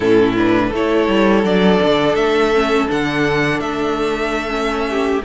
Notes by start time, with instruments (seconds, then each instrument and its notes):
0.00 cello A2, viola C#4, violin E4 A4
0.36 viola D4, violin B4
0.69 cello A3, violin A4
0.75 viola E4, violin C#5
1.08 cello G3
1.43 cello F#3, viola D4, violin D5
1.83 cello D3
2.14 cello A3, violin E5
2.53 viola C#4
2.88 cello D3, viola D4, violin F#5
3.60 cello A3, violin E5
4.48 viola C#4
4.89 violin G4